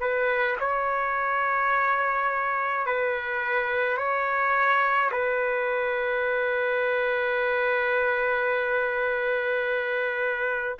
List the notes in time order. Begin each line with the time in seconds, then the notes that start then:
0.00 B4
0.60 C#5
2.86 B4
3.98 C#5
5.11 B4